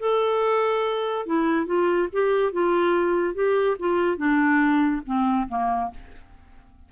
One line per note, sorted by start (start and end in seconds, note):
0.00 1.27 A4
1.27 1.67 E4
1.67 2.09 F4
2.13 2.53 G4
2.53 3.35 F4
3.35 3.77 G4
3.80 4.18 F4
4.18 5.02 D4
5.06 5.49 C4
5.49 5.91 A#3